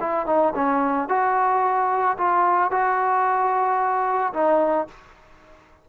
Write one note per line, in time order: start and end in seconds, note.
0.00 0.26 E4
0.26 0.53 D#4
0.55 1.08 C#4
1.08 2.16 F#4
2.18 2.71 F4
2.71 4.33 F#4
4.33 4.87 D#4